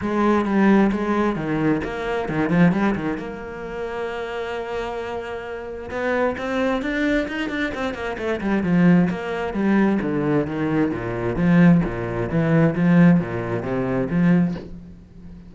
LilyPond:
\new Staff \with { instrumentName = "cello" } { \time 4/4 \tempo 4 = 132 gis4 g4 gis4 dis4 | ais4 dis8 f8 g8 dis8 ais4~ | ais1~ | ais4 b4 c'4 d'4 |
dis'8 d'8 c'8 ais8 a8 g8 f4 | ais4 g4 d4 dis4 | ais,4 f4 ais,4 e4 | f4 ais,4 c4 f4 | }